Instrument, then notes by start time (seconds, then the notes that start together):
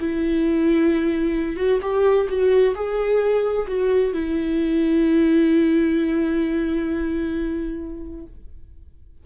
viola
0.00 E4
1.56 F#4
1.82 G4
2.29 F#4
2.75 G#4
3.68 F#4
4.14 E4